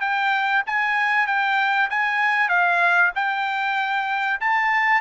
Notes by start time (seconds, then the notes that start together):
0.00 G5
0.66 G#5
1.27 G5
1.90 G#5
2.49 F5
3.15 G5
4.40 A5